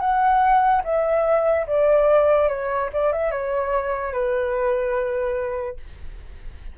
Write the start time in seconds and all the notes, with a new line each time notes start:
0.00 F#5
0.84 E5
1.67 D5
2.48 C#5
2.93 D5
3.12 E5
3.31 C#5
4.12 B4